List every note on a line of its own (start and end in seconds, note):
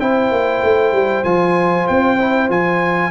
0.00 0.31 C4
0.00 1.25 E4
0.00 3.11 C5
0.00 1.24 G5
0.31 0.63 A#3
0.64 0.92 A3
0.92 1.23 G3
1.24 1.87 F3
1.24 2.19 F4
1.24 1.87 G#5
1.88 2.50 C4
1.88 2.50 G5
2.19 2.49 E4
2.49 3.11 F3
2.49 3.11 F4
2.49 3.11 G#5